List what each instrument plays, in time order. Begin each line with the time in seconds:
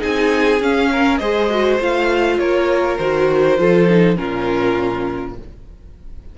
0.00 cello C4, viola D#4, violin G#4 G#5
0.61 cello C#4, viola C#4, violin F5
0.92 violin A#4
1.18 cello G#3, viola G#4, violin C5 D#5
1.50 viola F#4
1.79 cello A3, viola F4, violin F5
2.39 cello A#3, violin A#4 C#5
2.97 cello D#3, viola F#4, violin C5
3.58 cello F3, viola F4, violin A4
3.89 viola D#4
4.16 cello A#2, viola C#4, violin F4 A#4